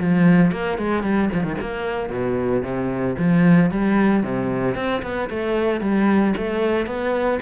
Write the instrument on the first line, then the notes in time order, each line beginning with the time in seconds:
cello
0.00 F3
0.51 A#3
0.78 G#3
1.03 G3
1.33 F3
1.43 D#3
1.60 A#3
2.09 B2
2.63 C3
3.18 F3
3.70 G3
4.23 C3
4.75 C4
5.02 B3
5.29 A3
5.81 G3
6.37 A3
6.86 B3